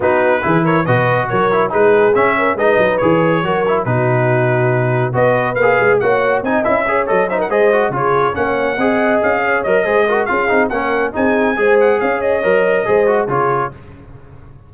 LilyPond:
<<
  \new Staff \with { instrumentName = "trumpet" } { \time 4/4 \tempo 4 = 140 b'4. cis''8 dis''4 cis''4 | b'4 e''4 dis''4 cis''4~ | cis''4 b'2. | dis''4 f''4 fis''4 gis''8 e''8~ |
e''8 dis''8 e''16 fis''16 dis''4 cis''4 fis''8~ | fis''4. f''4 dis''4. | f''4 fis''4 gis''4. fis''8 | f''8 dis''2~ dis''8 cis''4 | }
  \new Staff \with { instrumentName = "horn" } { \time 4/4 fis'4 gis'8 ais'8 b'4 ais'4 | gis'4. ais'8 b'2 | ais'4 fis'2. | b'2 cis''4 dis''4 |
cis''4 c''16 ais'16 c''4 gis'4 cis''8~ | cis''8 dis''4. cis''4 c''8 ais'8 | gis'4 ais'4 gis'4 c''4 | cis''2 c''4 gis'4 | }
  \new Staff \with { instrumentName = "trombone" } { \time 4/4 dis'4 e'4 fis'4. e'8 | dis'4 cis'4 dis'4 gis'4 | fis'8 e'8 dis'2. | fis'4 gis'4 fis'4 dis'8 e'8 |
gis'8 a'8 dis'8 gis'8 fis'8 f'4 cis'8~ | cis'8 gis'2 ais'8 gis'8 fis'8 | f'8 dis'8 cis'4 dis'4 gis'4~ | gis'4 ais'4 gis'8 fis'8 f'4 | }
  \new Staff \with { instrumentName = "tuba" } { \time 4/4 b4 e4 b,4 fis4 | gis4 cis'4 gis8 fis8 e4 | fis4 b,2. | b4 ais8 gis8 ais4 c'8 cis'8~ |
cis'8 fis4 gis4 cis4 ais8~ | ais8 c'4 cis'4 fis8 gis4 | cis'8 c'8 ais4 c'4 gis4 | cis'4 fis4 gis4 cis4 | }
>>